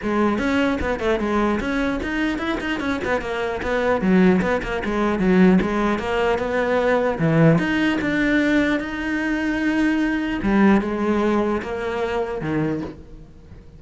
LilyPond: \new Staff \with { instrumentName = "cello" } { \time 4/4 \tempo 4 = 150 gis4 cis'4 b8 a8 gis4 | cis'4 dis'4 e'8 dis'8 cis'8 b8 | ais4 b4 fis4 b8 ais8 | gis4 fis4 gis4 ais4 |
b2 e4 dis'4 | d'2 dis'2~ | dis'2 g4 gis4~ | gis4 ais2 dis4 | }